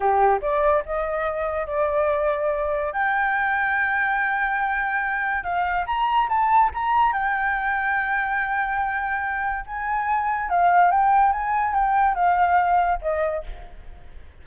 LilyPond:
\new Staff \with { instrumentName = "flute" } { \time 4/4 \tempo 4 = 143 g'4 d''4 dis''2 | d''2. g''4~ | g''1~ | g''4 f''4 ais''4 a''4 |
ais''4 g''2.~ | g''2. gis''4~ | gis''4 f''4 g''4 gis''4 | g''4 f''2 dis''4 | }